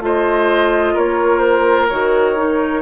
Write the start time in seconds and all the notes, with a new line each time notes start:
0.00 A3 F4 C5 D#5
0.94 A#3 A#4 C#5
1.39 C5
1.89 D#3 F#4 C#5
2.36 D#4